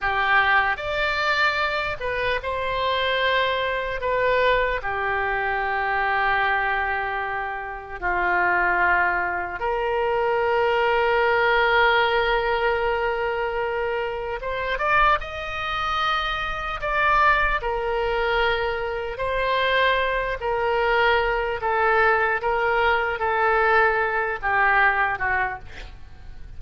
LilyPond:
\new Staff \with { instrumentName = "oboe" } { \time 4/4 \tempo 4 = 75 g'4 d''4. b'8 c''4~ | c''4 b'4 g'2~ | g'2 f'2 | ais'1~ |
ais'2 c''8 d''8 dis''4~ | dis''4 d''4 ais'2 | c''4. ais'4. a'4 | ais'4 a'4. g'4 fis'8 | }